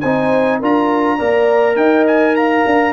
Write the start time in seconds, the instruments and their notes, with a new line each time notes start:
0.00 tuba C4, trombone D#4, horn C5, trumpet G#5
0.59 tuba D4, trombone F4, horn A#4, trumpet A#5
1.17 tuba A#3, trombone A#4, horn D5
1.75 tuba D#4, horn D#5, trumpet G5
2.06 trumpet G#5
2.35 horn F5, trumpet A#5
2.66 tuba D4